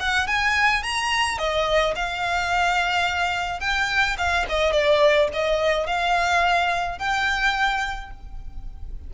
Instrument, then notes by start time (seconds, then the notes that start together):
violin
0.00 F#5
0.27 G#5
0.83 A#5
1.38 D#5
1.96 F5
3.61 G5
4.18 F5
4.49 D#5
4.73 D5
5.33 D#5
5.87 F5
6.99 G5